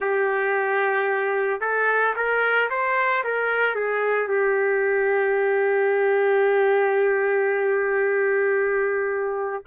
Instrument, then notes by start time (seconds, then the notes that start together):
trumpet
0.00 G4
1.60 A4
2.15 A#4
2.70 C5
3.24 A#4
3.75 G#4
4.28 G4